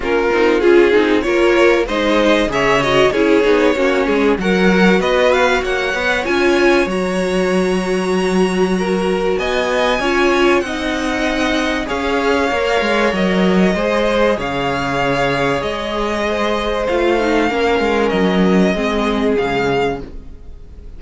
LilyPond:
<<
  \new Staff \with { instrumentName = "violin" } { \time 4/4 \tempo 4 = 96 ais'4 gis'4 cis''4 dis''4 | e''8 dis''8 cis''2 fis''4 | dis''8 f''8 fis''4 gis''4 ais''4~ | ais''2. gis''4~ |
gis''4 fis''2 f''4~ | f''4 dis''2 f''4~ | f''4 dis''2 f''4~ | f''4 dis''2 f''4 | }
  \new Staff \with { instrumentName = "violin" } { \time 4/4 f'2 ais'4 c''4 | cis''4 gis'4 fis'8 gis'8 ais'4 | b'4 cis''2.~ | cis''2 ais'4 dis''4 |
cis''4 dis''2 cis''4~ | cis''2 c''4 cis''4~ | cis''2 c''2 | ais'2 gis'2 | }
  \new Staff \with { instrumentName = "viola" } { \time 4/4 cis'8 dis'8 f'8 dis'8 f'4 dis'4 | gis'8 fis'8 e'8 dis'8 cis'4 fis'4~ | fis'4. b'8 f'4 fis'4~ | fis'1 |
f'4 dis'2 gis'4 | ais'2 gis'2~ | gis'2. f'8 dis'8 | cis'2 c'4 gis4 | }
  \new Staff \with { instrumentName = "cello" } { \time 4/4 ais8 c'8 cis'8 c'8 ais4 gis4 | cis4 cis'8 b8 ais8 gis8 fis4 | b4 ais8 b8 cis'4 fis4~ | fis2. b4 |
cis'4 c'2 cis'4 | ais8 gis8 fis4 gis4 cis4~ | cis4 gis2 a4 | ais8 gis8 fis4 gis4 cis4 | }
>>